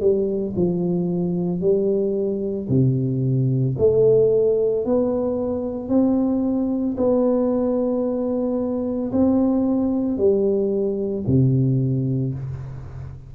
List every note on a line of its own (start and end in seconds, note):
0.00 0.54 G3
0.56 1.61 F3
1.61 2.68 G3
2.68 3.75 C3
3.78 4.85 A3
4.85 5.89 B3
5.89 6.96 C4
6.97 9.11 B3
9.12 10.17 C4
10.17 11.25 G3
11.26 12.34 C3